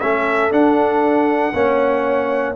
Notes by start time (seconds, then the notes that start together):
0.00 A3 C#4 A4 E5
0.51 D4 F#5
1.53 A#3 C#4 C#5